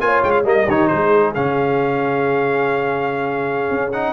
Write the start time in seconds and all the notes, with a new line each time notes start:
0.00 A#3 F4 C#5 G#5
0.23 G#3 G5
0.30 F5
0.44 G3 A#3 D#5
0.67 D#3 D#4 G4 C#5
0.87 G#3 G#4 C5
1.35 C#3 C#4 F5
3.70 C#4
3.92 D#4 F#5